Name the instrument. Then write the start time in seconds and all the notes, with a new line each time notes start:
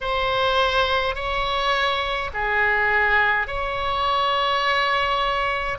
oboe
0.01 C5
1.15 C#5
2.33 G#4
3.47 C#5